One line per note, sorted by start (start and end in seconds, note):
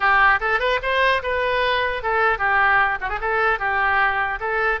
0.00 0.39 G4
0.40 0.59 A4
0.59 0.79 B4
0.82 1.22 C5
1.22 2.02 B4
2.03 2.38 A4
2.38 2.98 G4
3.00 3.09 F#4
3.09 3.19 G#4
3.20 3.59 A4
3.59 4.39 G4
4.39 4.79 A4